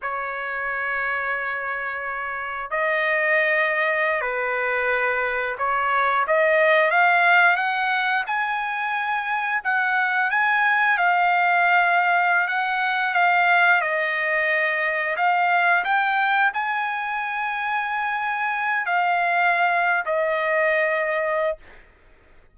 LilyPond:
\new Staff \with { instrumentName = "trumpet" } { \time 4/4 \tempo 4 = 89 cis''1 | dis''2~ dis''16 b'4.~ b'16~ | b'16 cis''4 dis''4 f''4 fis''8.~ | fis''16 gis''2 fis''4 gis''8.~ |
gis''16 f''2~ f''16 fis''4 f''8~ | f''8 dis''2 f''4 g''8~ | g''8 gis''2.~ gis''8 | f''4.~ f''16 dis''2~ dis''16 | }